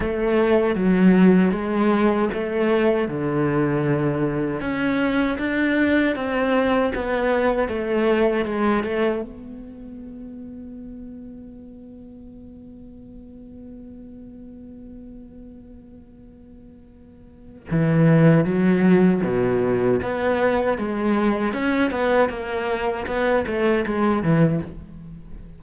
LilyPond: \new Staff \with { instrumentName = "cello" } { \time 4/4 \tempo 4 = 78 a4 fis4 gis4 a4 | d2 cis'4 d'4 | c'4 b4 a4 gis8 a8 | b1~ |
b1~ | b2. e4 | fis4 b,4 b4 gis4 | cis'8 b8 ais4 b8 a8 gis8 e8 | }